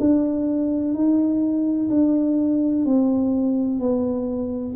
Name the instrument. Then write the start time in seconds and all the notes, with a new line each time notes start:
tuba
0.00 D4
0.94 D#4
1.90 D4
2.86 C4
3.80 B3